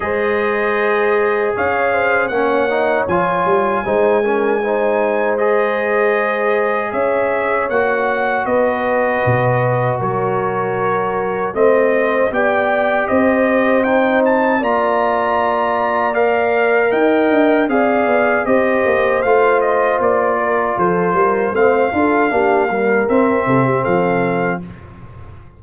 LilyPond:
<<
  \new Staff \with { instrumentName = "trumpet" } { \time 4/4 \tempo 4 = 78 dis''2 f''4 fis''4 | gis''2. dis''4~ | dis''4 e''4 fis''4 dis''4~ | dis''4 cis''2 dis''4 |
g''4 dis''4 g''8 a''8 ais''4~ | ais''4 f''4 g''4 f''4 | dis''4 f''8 dis''8 d''4 c''4 | f''2 e''4 f''4 | }
  \new Staff \with { instrumentName = "horn" } { \time 4/4 c''2 cis''8 c''8 cis''4~ | cis''4 c''8 ais'8 c''2~ | c''4 cis''2 b'4~ | b'4 ais'2 c''4 |
d''4 c''2 d''4~ | d''2 dis''4 d''4 | c''2~ c''8 ais'8 a'8 ais'8 | c''8 a'8 g'8 ais'4 a'16 g'16 a'4 | }
  \new Staff \with { instrumentName = "trombone" } { \time 4/4 gis'2. cis'8 dis'8 | f'4 dis'8 cis'8 dis'4 gis'4~ | gis'2 fis'2~ | fis'2. c'4 |
g'2 dis'4 f'4~ | f'4 ais'2 gis'4 | g'4 f'2. | c'8 f'8 d'8 g8 c'2 | }
  \new Staff \with { instrumentName = "tuba" } { \time 4/4 gis2 cis'4 ais4 | f8 g8 gis2.~ | gis4 cis'4 ais4 b4 | b,4 fis2 a4 |
b4 c'2 ais4~ | ais2 dis'8 d'8 c'8 b8 | c'8 ais8 a4 ais4 f8 g8 | a8 d'8 ais4 c'8 c8 f4 | }
>>